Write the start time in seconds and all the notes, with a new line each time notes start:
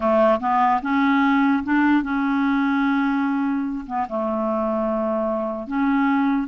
0.00 A3
0.40 B3
0.82 C#4
1.63 D4
2.03 C#4
3.86 B3
4.08 A3
5.67 C#4